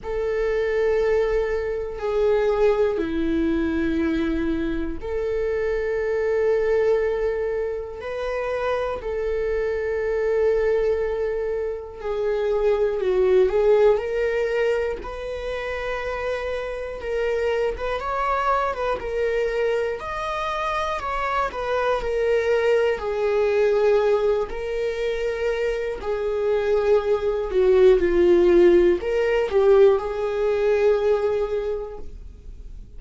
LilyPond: \new Staff \with { instrumentName = "viola" } { \time 4/4 \tempo 4 = 60 a'2 gis'4 e'4~ | e'4 a'2. | b'4 a'2. | gis'4 fis'8 gis'8 ais'4 b'4~ |
b'4 ais'8. b'16 cis''8. b'16 ais'4 | dis''4 cis''8 b'8 ais'4 gis'4~ | gis'8 ais'4. gis'4. fis'8 | f'4 ais'8 g'8 gis'2 | }